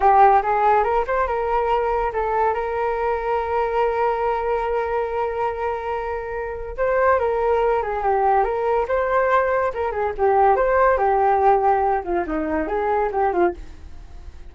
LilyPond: \new Staff \with { instrumentName = "flute" } { \time 4/4 \tempo 4 = 142 g'4 gis'4 ais'8 c''8 ais'4~ | ais'4 a'4 ais'2~ | ais'1~ | ais'1 |
c''4 ais'4. gis'8 g'4 | ais'4 c''2 ais'8 gis'8 | g'4 c''4 g'2~ | g'8 f'8 dis'4 gis'4 g'8 f'8 | }